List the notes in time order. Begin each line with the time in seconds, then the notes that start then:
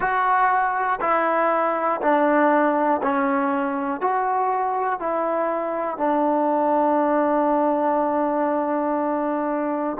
0.00 F#4
1.00 E4
2.01 D4
3.02 C#4
4.00 F#4
4.99 E4
5.97 D4